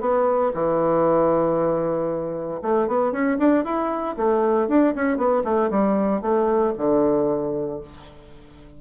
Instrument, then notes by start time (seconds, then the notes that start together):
bassoon
0.00 B3
0.54 E3
2.61 A3
2.87 B3
3.12 C#4
3.38 D4
3.64 E4
4.17 A3
4.68 D4
4.95 C#4
5.17 B3
5.44 A3
5.70 G3
6.21 A3
6.77 D3